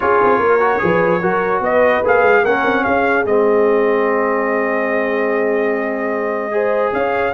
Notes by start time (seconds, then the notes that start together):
0.00 C#4 F4 G#4 C#5
0.23 C4
0.38 A#3 A#4
0.60 F#4
0.79 F3 G#4 B4
1.21 F#3 F#4 A#4
1.60 B3 B4 D#5
2.04 A#3 G#4 F5
2.22 G#3
2.42 A#3 C#4 A#4 F#5
2.65 C4
2.83 C#4 G#4 F5
3.24 G#3 C4 D#5
6.51 G#4 C5
6.93 C#4 C#5 F5